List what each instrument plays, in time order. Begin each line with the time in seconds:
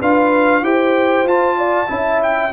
0.00 tuba D4, trombone F4, horn B4, trumpet F5
0.62 tuba E4, trombone G4, horn C5, trumpet G5
1.25 tuba F4, trombone F4, trumpet A5
1.57 horn D5
1.87 tuba C#4, trombone E4, horn E5
2.23 trumpet G5